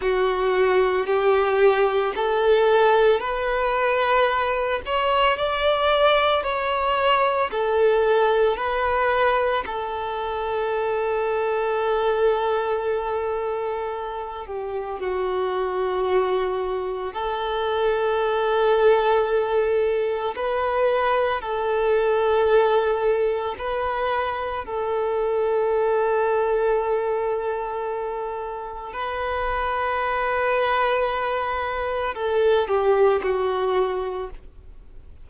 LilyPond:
\new Staff \with { instrumentName = "violin" } { \time 4/4 \tempo 4 = 56 fis'4 g'4 a'4 b'4~ | b'8 cis''8 d''4 cis''4 a'4 | b'4 a'2.~ | a'4. g'8 fis'2 |
a'2. b'4 | a'2 b'4 a'4~ | a'2. b'4~ | b'2 a'8 g'8 fis'4 | }